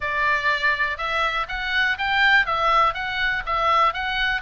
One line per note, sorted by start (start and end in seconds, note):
0.00 0.97 D5
0.97 1.46 E5
1.48 1.97 F#5
1.98 2.46 G5
2.46 2.94 E5
2.94 3.43 F#5
3.46 3.93 E5
3.93 4.42 F#5